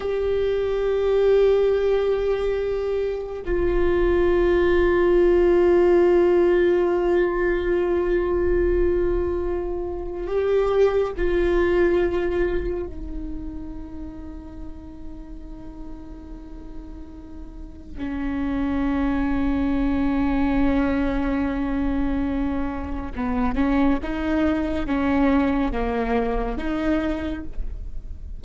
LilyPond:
\new Staff \with { instrumentName = "viola" } { \time 4/4 \tempo 4 = 70 g'1 | f'1~ | f'1 | g'4 f'2 dis'4~ |
dis'1~ | dis'4 cis'2.~ | cis'2. b8 cis'8 | dis'4 cis'4 ais4 dis'4 | }